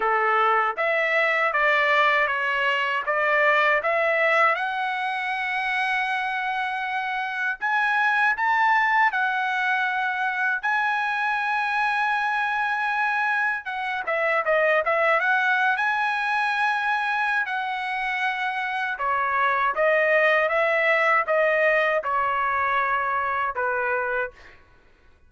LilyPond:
\new Staff \with { instrumentName = "trumpet" } { \time 4/4 \tempo 4 = 79 a'4 e''4 d''4 cis''4 | d''4 e''4 fis''2~ | fis''2 gis''4 a''4 | fis''2 gis''2~ |
gis''2 fis''8 e''8 dis''8 e''8 | fis''8. gis''2~ gis''16 fis''4~ | fis''4 cis''4 dis''4 e''4 | dis''4 cis''2 b'4 | }